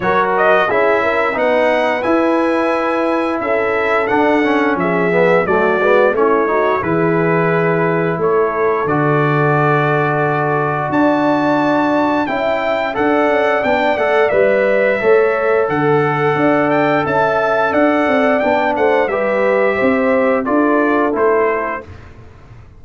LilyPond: <<
  \new Staff \with { instrumentName = "trumpet" } { \time 4/4 \tempo 4 = 88 cis''8 dis''8 e''4 fis''4 gis''4~ | gis''4 e''4 fis''4 e''4 | d''4 cis''4 b'2 | cis''4 d''2. |
a''2 g''4 fis''4 | g''8 fis''8 e''2 fis''4~ | fis''8 g''8 a''4 fis''4 g''8 fis''8 | e''2 d''4 c''4 | }
  \new Staff \with { instrumentName = "horn" } { \time 4/4 ais'4 gis'8 ais'8 b'2~ | b'4 a'2 gis'4 | fis'4 e'8 fis'8 gis'2 | a'1 |
d''2 e''4 d''4~ | d''2 cis''4 a'4 | d''4 e''4 d''4. c''8 | b'4 c''4 a'2 | }
  \new Staff \with { instrumentName = "trombone" } { \time 4/4 fis'4 e'4 dis'4 e'4~ | e'2 d'8 cis'4 b8 | a8 b8 cis'8 dis'8 e'2~ | e'4 fis'2.~ |
fis'2 e'4 a'4 | d'8 a'8 b'4 a'2~ | a'2. d'4 | g'2 f'4 e'4 | }
  \new Staff \with { instrumentName = "tuba" } { \time 4/4 fis4 cis'4 b4 e'4~ | e'4 cis'4 d'4 f4 | fis8 gis8 a4 e2 | a4 d2. |
d'2 cis'4 d'8 cis'8 | b8 a8 g4 a4 d4 | d'4 cis'4 d'8 c'8 b8 a8 | g4 c'4 d'4 a4 | }
>>